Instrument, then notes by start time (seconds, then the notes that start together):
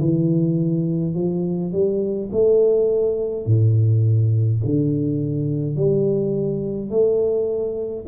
tuba
0.00 E3
1.14 F3
1.72 G3
2.32 A3
3.46 A2
4.65 D3
5.76 G3
6.90 A3